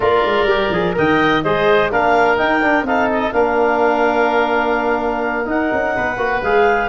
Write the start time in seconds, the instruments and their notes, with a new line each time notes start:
0.00 tuba A#3, trombone F4, oboe A#4, clarinet D5
0.25 tuba G#3
0.44 tuba G3, trombone G4
0.70 tuba F3, trombone G#4
0.93 tuba D#3, trombone A#4, oboe D#5, clarinet G5
1.42 tuba G#3, trombone G#4, oboe C5, clarinet D#5
1.91 tuba A#3, trombone D4, oboe A#4, clarinet F5
2.37 trombone D#4, tuba D#4, clarinet G5
2.62 trombone D4, tuba D4
2.82 tuba C4, trombone D#4, oboe A4, clarinet F5
3.10 clarinet D#5
3.32 tuba A#3, trombone D4, oboe A#4, clarinet F5
5.45 trombone D#4, tuba D#4, clarinet F#5
5.72 tuba C#4
5.95 tuba B3, oboe B4
6.16 tuba A#3, trombone F#4
6.42 tuba G#3, trombone G#4, clarinet F5